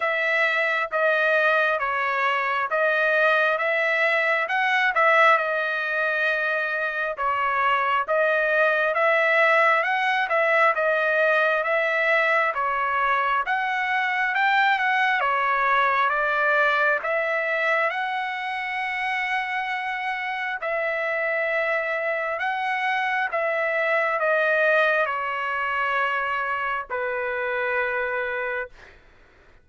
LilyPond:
\new Staff \with { instrumentName = "trumpet" } { \time 4/4 \tempo 4 = 67 e''4 dis''4 cis''4 dis''4 | e''4 fis''8 e''8 dis''2 | cis''4 dis''4 e''4 fis''8 e''8 | dis''4 e''4 cis''4 fis''4 |
g''8 fis''8 cis''4 d''4 e''4 | fis''2. e''4~ | e''4 fis''4 e''4 dis''4 | cis''2 b'2 | }